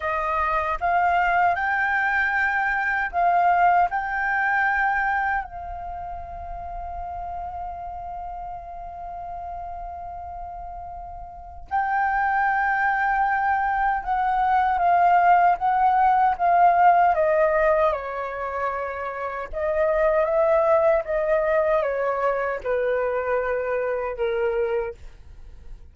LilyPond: \new Staff \with { instrumentName = "flute" } { \time 4/4 \tempo 4 = 77 dis''4 f''4 g''2 | f''4 g''2 f''4~ | f''1~ | f''2. g''4~ |
g''2 fis''4 f''4 | fis''4 f''4 dis''4 cis''4~ | cis''4 dis''4 e''4 dis''4 | cis''4 b'2 ais'4 | }